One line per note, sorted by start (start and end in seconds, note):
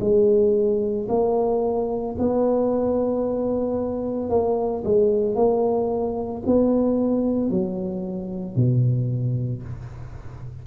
0.00 1.07 G#3
1.09 2.16 A#3
2.18 4.29 B3
4.29 4.83 A#3
4.84 5.35 G#3
5.35 6.42 A#3
6.46 7.50 B3
7.50 8.56 F#3
8.56 9.63 B2